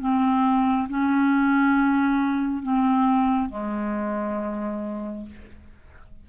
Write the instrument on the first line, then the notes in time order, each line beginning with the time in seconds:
clarinet
0.00 C4
0.89 C#4
2.63 C4
3.49 G#3